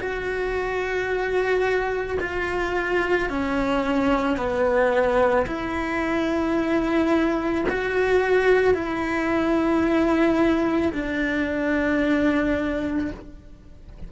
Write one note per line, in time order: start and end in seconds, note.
0.00 2.18 F#4
2.21 3.30 F4
3.30 4.37 C#4
4.37 5.46 B3
5.47 7.65 E4
7.70 8.75 F#4
8.75 10.93 E4
10.93 13.11 D4